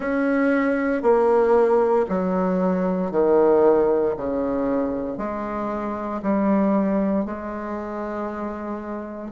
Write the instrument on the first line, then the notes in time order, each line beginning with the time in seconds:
bassoon
0.00 C#4
1.02 A#3
2.08 F#3
3.11 D#3
4.17 C#3
5.17 G#3
6.22 G3
7.25 G#3